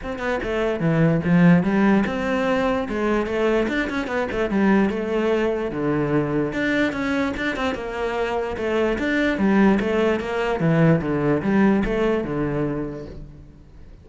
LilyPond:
\new Staff \with { instrumentName = "cello" } { \time 4/4 \tempo 4 = 147 c'8 b8 a4 e4 f4 | g4 c'2 gis4 | a4 d'8 cis'8 b8 a8 g4 | a2 d2 |
d'4 cis'4 d'8 c'8 ais4~ | ais4 a4 d'4 g4 | a4 ais4 e4 d4 | g4 a4 d2 | }